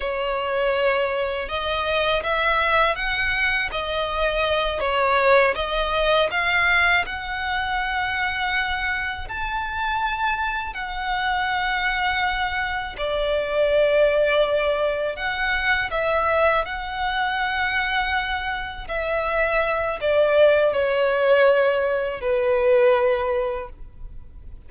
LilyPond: \new Staff \with { instrumentName = "violin" } { \time 4/4 \tempo 4 = 81 cis''2 dis''4 e''4 | fis''4 dis''4. cis''4 dis''8~ | dis''8 f''4 fis''2~ fis''8~ | fis''8 a''2 fis''4.~ |
fis''4. d''2~ d''8~ | d''8 fis''4 e''4 fis''4.~ | fis''4. e''4. d''4 | cis''2 b'2 | }